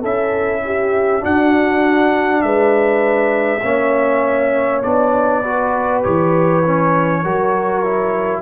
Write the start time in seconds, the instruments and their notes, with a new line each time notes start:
0.00 tuba C#4, trombone E4, horn A4, trumpet E5
0.65 horn G4
1.20 trombone D4, tuba D4, horn F#4, trumpet F#5
2.42 tuba G#3, horn B4, trumpet E5
3.62 tuba A#3, trombone C#4, horn C#5
4.82 tuba B3, trombone D4, trumpet D5
5.41 trombone F#4, horn B4
6.03 tuba E3, trombone G4, trumpet C#5
6.65 trombone C#4
7.23 tuba F#3, trombone F#4, horn A#4
7.83 trombone E4